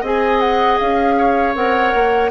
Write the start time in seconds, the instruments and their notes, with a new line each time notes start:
0.00 bassoon C4, clarinet G#4, oboe D#5
0.06 flute G#5
0.40 flute F#5
0.79 bassoon C#4, flute F5
1.18 oboe C#5
1.54 bassoon C4, clarinet A#4, flute F#5
1.94 bassoon A#3